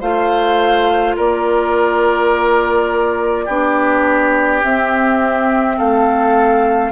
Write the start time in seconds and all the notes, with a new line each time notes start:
0.00 A3 F4 C5 F5
1.16 A#3 A#4 D5
3.45 B3 D4 G4
4.62 C4 E5
5.77 A3 A4 F5